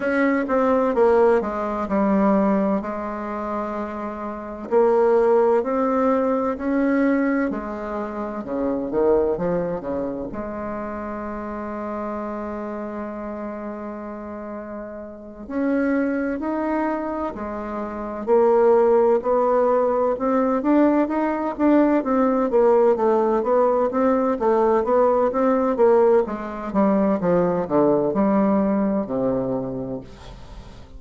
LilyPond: \new Staff \with { instrumentName = "bassoon" } { \time 4/4 \tempo 4 = 64 cis'8 c'8 ais8 gis8 g4 gis4~ | gis4 ais4 c'4 cis'4 | gis4 cis8 dis8 f8 cis8 gis4~ | gis1~ |
gis8 cis'4 dis'4 gis4 ais8~ | ais8 b4 c'8 d'8 dis'8 d'8 c'8 | ais8 a8 b8 c'8 a8 b8 c'8 ais8 | gis8 g8 f8 d8 g4 c4 | }